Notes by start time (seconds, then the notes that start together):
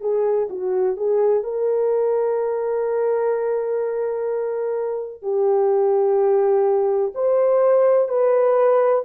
0.00 G#4
0.49 F#4
0.96 G#4
1.43 A#4
5.22 G4
7.14 C5
8.08 B4